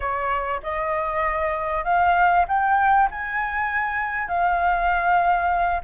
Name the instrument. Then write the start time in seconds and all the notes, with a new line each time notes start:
flute
0.00 C#5
0.62 D#5
1.84 F5
2.48 G5
3.10 G#5
4.27 F5